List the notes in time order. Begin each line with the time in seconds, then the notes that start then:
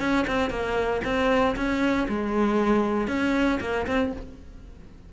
0.00 C#4
0.27 C4
0.50 A#3
1.04 C4
1.56 C#4
2.08 G#3
3.08 C#4
3.61 A#3
3.87 C4